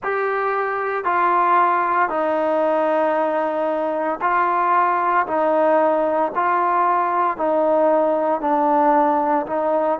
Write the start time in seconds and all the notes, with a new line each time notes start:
0.03 G4
1.04 F4
2.09 D#4
4.21 F4
5.26 D#4
6.34 F4
7.37 D#4
8.40 D4
9.46 D#4